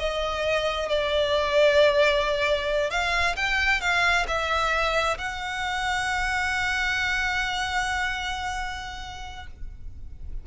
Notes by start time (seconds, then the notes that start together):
0.00 D#5
0.89 D5
2.91 F5
3.36 G5
3.82 F5
4.28 E5
5.19 F#5